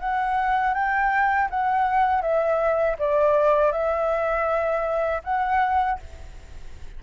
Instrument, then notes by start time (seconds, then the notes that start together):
flute
0.00 F#5
0.74 G5
1.50 F#5
2.22 E5
2.99 D5
3.72 E5
5.24 F#5